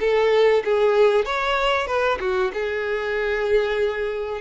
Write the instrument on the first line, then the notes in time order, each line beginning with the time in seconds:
violin
0.00 A4
0.64 G#4
1.25 C#5
1.87 B4
2.20 F#4
2.53 G#4